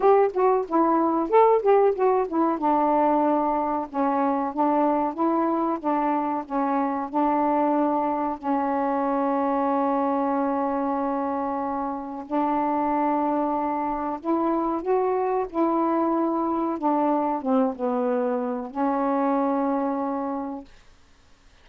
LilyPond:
\new Staff \with { instrumentName = "saxophone" } { \time 4/4 \tempo 4 = 93 g'8 fis'8 e'4 a'8 g'8 fis'8 e'8 | d'2 cis'4 d'4 | e'4 d'4 cis'4 d'4~ | d'4 cis'2.~ |
cis'2. d'4~ | d'2 e'4 fis'4 | e'2 d'4 c'8 b8~ | b4 cis'2. | }